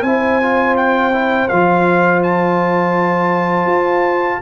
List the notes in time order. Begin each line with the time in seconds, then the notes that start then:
0.00 C4 E4 C5 G#5
0.42 F4
0.76 G5
1.12 E4
1.48 F3 F4 F5
2.22 A5
3.66 F4